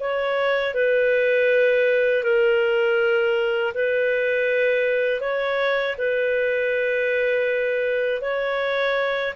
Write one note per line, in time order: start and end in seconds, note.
0.00 0.75 C#5
0.75 2.24 B4
2.24 3.74 A#4
3.75 5.21 B4
5.21 5.96 C#5
5.98 8.22 B4
8.22 9.34 C#5